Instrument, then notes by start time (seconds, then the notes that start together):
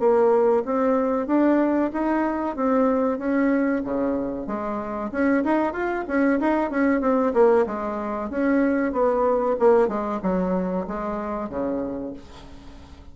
bassoon
0.00 A#3
0.66 C4
1.27 D4
1.93 D#4
2.56 C4
3.19 C#4
3.84 C#3
4.47 G#3
5.12 C#4
5.44 D#4
5.73 F4
6.08 C#4
6.40 D#4
6.71 C#4
7.01 C4
7.34 A#3
7.67 G#3
8.30 C#4
8.93 B3
9.60 A#3
9.88 G#3
10.23 F#3
10.87 G#3
11.50 C#3